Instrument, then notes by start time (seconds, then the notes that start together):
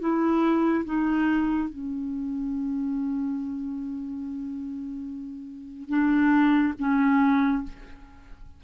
clarinet
0.00 E4
0.85 D#4
1.69 C#4
5.89 D4
6.79 C#4